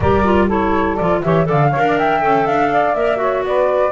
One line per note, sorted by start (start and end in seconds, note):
0.00 0.98 G3
0.00 0.24 G4
0.00 0.47 A#4
0.00 0.48 D5
0.24 0.48 F4
0.47 0.98 E4
0.47 1.21 A4
0.47 0.96 C#5
0.96 1.24 F3
0.96 1.24 F4
0.96 1.20 D5
1.22 1.49 E3
1.22 1.45 G4
1.22 1.47 C#5
1.22 1.47 E5
1.45 1.74 D3
1.45 1.69 A4
1.45 1.70 D5
1.45 1.98 F5
1.70 2.20 A#4
1.70 1.82 C#5
1.76 2.23 D4
1.86 1.97 D5
1.97 2.71 E5
1.97 2.46 G5
2.20 2.46 C#4
2.20 2.94 A4
2.46 2.94 D4
2.46 2.94 F5
2.71 3.19 D5
2.94 3.43 A#3
2.94 3.16 A#4
2.94 3.43 E5
3.16 3.90 F#4
3.16 3.44 C#5
3.43 3.91 B3
3.43 3.91 B4
3.43 3.91 D5